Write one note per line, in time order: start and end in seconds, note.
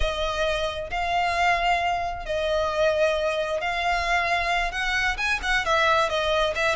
0.00 0.90 D#5
0.90 2.25 F5
2.25 3.60 D#5
3.60 4.71 F5
4.71 5.16 F#5
5.17 5.40 G#5
5.42 5.65 F#5
5.65 6.09 E5
6.09 6.54 D#5
6.55 6.75 E5